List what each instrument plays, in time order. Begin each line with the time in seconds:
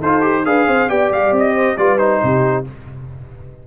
0.00 tuba D#4, trombone F4, horn A4, trumpet C5
0.21 trombone G4
0.45 tuba D4, trombone G#4, horn B4, trumpet F5
0.67 tuba C4, horn C5
0.89 tuba B3, trombone G4, horn D5, trumpet G5
1.11 tuba G3, trumpet F5
1.32 tuba C4
1.38 trumpet D#5
1.55 horn C5
1.77 tuba G3, trombone F4, horn B4, trumpet D5
1.98 trombone D#4, trumpet C5
2.23 tuba C3, horn G4